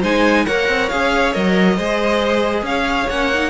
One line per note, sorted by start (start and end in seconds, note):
0.00 0.46 G#3
0.00 0.46 D#4
0.00 0.44 C5
0.00 0.45 G#5
0.45 0.68 A#3
0.45 0.90 A#4
0.45 1.76 C#5
0.45 0.89 F#5
0.68 0.90 C4
0.89 1.35 C#4
0.89 1.34 G#4
0.89 1.33 F5
1.33 1.78 F#3
1.33 1.77 A#4
1.33 2.64 D#5
1.76 2.61 G#3
1.76 3.09 G#4
1.76 2.64 C5
2.61 3.05 C#4
2.61 3.09 F5
2.68 3.50 C#5
3.09 3.50 A#3
3.09 3.32 C#4
3.09 3.50 F#5
3.33 3.50 D#4